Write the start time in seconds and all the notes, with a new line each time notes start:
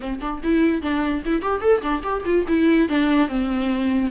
0.00 C4
0.20 D4
0.43 E4
0.81 D4
1.25 E4
1.41 G4
1.61 A4
1.82 D4
2.03 G4
2.25 F4
2.48 E4
2.88 D4
3.28 C4